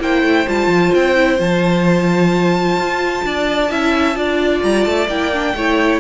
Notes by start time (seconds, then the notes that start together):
0.00 A#3 E4 C5 G5
0.23 A3
0.49 G3 F4 A5
0.68 F3
0.95 C4 G5
1.16 E4
1.38 F3 F4 A5
2.77 F4
3.25 D4 D5
3.70 C#4 E4 E5
4.15 D4 F4 D5
4.63 G3 A#5
4.85 A3 A5
5.08 A#3 E4 G5
5.33 D4
5.55 A3 E4 C#5